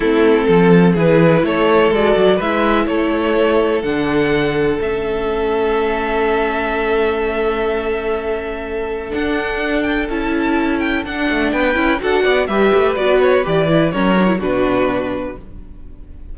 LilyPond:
<<
  \new Staff \with { instrumentName = "violin" } { \time 4/4 \tempo 4 = 125 a'2 b'4 cis''4 | d''4 e''4 cis''2 | fis''2 e''2~ | e''1~ |
e''2. fis''4~ | fis''8 g''8 a''4. g''8 fis''4 | g''4 fis''4 e''4 d''8 cis''8 | d''4 cis''4 b'2 | }
  \new Staff \with { instrumentName = "violin" } { \time 4/4 e'4 a'4 gis'4 a'4~ | a'4 b'4 a'2~ | a'1~ | a'1~ |
a'1~ | a'1 | b'4 a'8 d''8 b'2~ | b'4 ais'4 fis'2 | }
  \new Staff \with { instrumentName = "viola" } { \time 4/4 c'2 e'2 | fis'4 e'2. | d'2 cis'2~ | cis'1~ |
cis'2. d'4~ | d'4 e'2 d'4~ | d'8 e'8 fis'4 g'4 fis'4 | g'8 e'8 cis'8 d'16 e'16 d'2 | }
  \new Staff \with { instrumentName = "cello" } { \time 4/4 a4 f4 e4 a4 | gis8 fis8 gis4 a2 | d2 a2~ | a1~ |
a2. d'4~ | d'4 cis'2 d'8 a8 | b8 cis'8 d'8 b8 g8 a8 b4 | e4 fis4 b,2 | }
>>